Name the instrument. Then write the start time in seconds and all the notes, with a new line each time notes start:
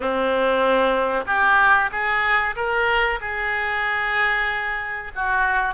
oboe
0.00 C4
1.26 G4
1.91 G#4
2.55 A#4
3.20 G#4
5.15 F#4